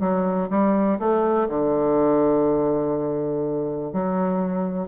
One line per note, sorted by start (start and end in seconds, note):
0.00 0.49 F#3
0.50 0.99 G3
0.99 1.48 A3
1.49 3.93 D3
3.93 4.88 F#3